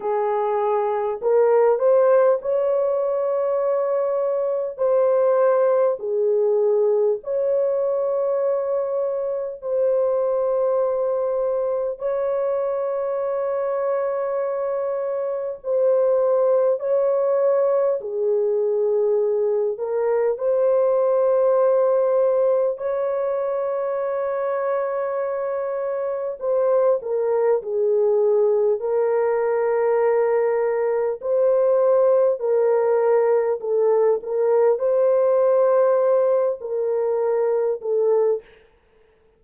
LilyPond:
\new Staff \with { instrumentName = "horn" } { \time 4/4 \tempo 4 = 50 gis'4 ais'8 c''8 cis''2 | c''4 gis'4 cis''2 | c''2 cis''2~ | cis''4 c''4 cis''4 gis'4~ |
gis'8 ais'8 c''2 cis''4~ | cis''2 c''8 ais'8 gis'4 | ais'2 c''4 ais'4 | a'8 ais'8 c''4. ais'4 a'8 | }